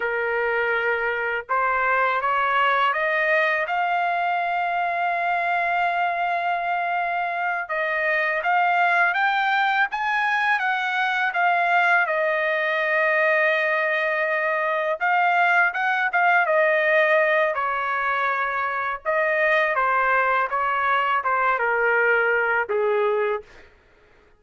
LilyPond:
\new Staff \with { instrumentName = "trumpet" } { \time 4/4 \tempo 4 = 82 ais'2 c''4 cis''4 | dis''4 f''2.~ | f''2~ f''8 dis''4 f''8~ | f''8 g''4 gis''4 fis''4 f''8~ |
f''8 dis''2.~ dis''8~ | dis''8 f''4 fis''8 f''8 dis''4. | cis''2 dis''4 c''4 | cis''4 c''8 ais'4. gis'4 | }